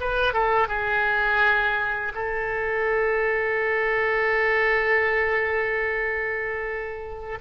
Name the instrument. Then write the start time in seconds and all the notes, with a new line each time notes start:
oboe
0.00 B4
0.33 A4
0.68 G#4
2.14 A4